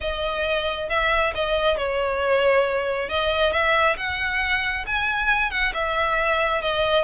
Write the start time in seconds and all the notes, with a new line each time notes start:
0.00 D#5
0.89 E5
1.34 D#5
1.77 C#5
3.09 D#5
3.52 E5
3.97 F#5
4.86 G#5
5.50 F#5
5.73 E5
6.61 D#5